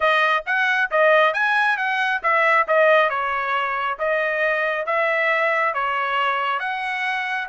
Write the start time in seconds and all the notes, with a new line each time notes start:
0.00 D#5
0.46 F#5
0.90 D#5
1.33 G#5
1.77 F#5
2.22 E5
2.67 D#5
3.09 C#5
3.98 D#5
4.85 E5
5.74 C#5
6.59 F#5